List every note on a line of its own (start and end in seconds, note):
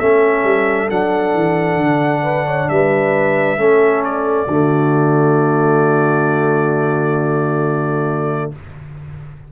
0.00 0.44 A3
0.00 0.90 C#4
0.00 2.24 A4
0.00 0.90 E5
0.44 0.89 G3
0.90 1.35 F#3
0.90 3.58 D4
0.90 2.69 F#5
1.35 1.77 E3
1.77 2.66 D3
2.24 2.46 B4
2.46 2.69 C#5
2.69 3.58 G3
2.69 3.61 B4
2.69 4.04 E5
3.58 4.47 A3
3.58 4.48 C#4
3.58 4.49 A4
4.04 8.52 D5
4.48 8.51 D3
4.48 8.52 A3
4.48 8.52 F#4